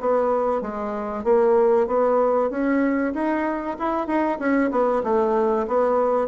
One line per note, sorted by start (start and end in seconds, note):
0.00 0.61 B3
0.61 1.23 G#3
1.23 1.87 A#3
1.87 2.50 B3
2.50 3.13 C#4
3.13 3.77 D#4
3.79 4.07 E4
4.07 4.38 D#4
4.39 4.70 C#4
4.71 5.02 B3
5.03 5.66 A3
5.67 6.27 B3